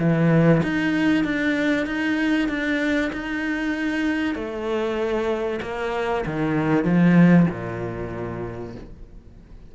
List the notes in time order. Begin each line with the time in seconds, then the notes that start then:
0.00 E3
0.63 D#4
1.25 D4
1.87 D#4
2.49 D4
3.13 D#4
4.36 A3
5.62 A#3
6.26 D#3
6.85 F3
7.51 A#2